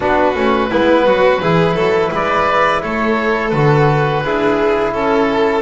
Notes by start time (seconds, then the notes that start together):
0.00 B3 D4 F#4 B4
0.35 A3 C#4
0.70 G#3 B3 E4
1.05 F#3 F#4
1.41 E3 E4 G#4
1.74 F#3 A4
2.11 G#3 B4 D5
2.82 A3 A4 C#5
3.49 D3 F#4 B4
4.24 D4 E4 G#4
4.93 C#4 A4